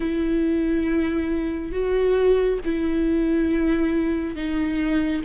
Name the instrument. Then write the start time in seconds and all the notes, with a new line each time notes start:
viola
0.00 E4
1.72 F#4
2.64 E4
4.35 D#4